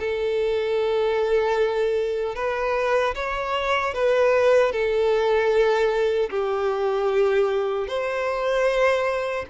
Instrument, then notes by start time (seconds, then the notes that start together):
violin
0.00 A4
2.36 B4
3.15 C#5
3.94 B4
4.72 A4
6.31 G4
7.88 C5